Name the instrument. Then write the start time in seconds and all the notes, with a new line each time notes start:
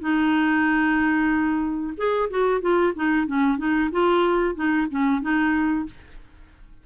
clarinet
0.00 D#4
1.97 G#4
2.30 F#4
2.61 F4
2.95 D#4
3.27 C#4
3.58 D#4
3.91 F4
4.55 D#4
4.90 C#4
5.21 D#4